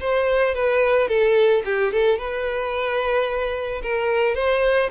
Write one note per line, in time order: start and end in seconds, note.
0.00 0.54 C5
0.54 1.08 B4
1.08 1.62 A4
1.65 1.92 G4
1.92 2.18 A4
2.18 3.82 B4
3.82 4.35 A#4
4.35 4.89 C5